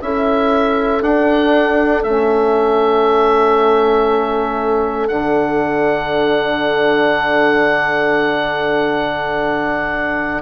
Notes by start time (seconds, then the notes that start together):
0.00 C#4 E4 A4 E5
1.01 D4 F#5
2.03 A3 C#4 E5
5.08 D3 D4 F#5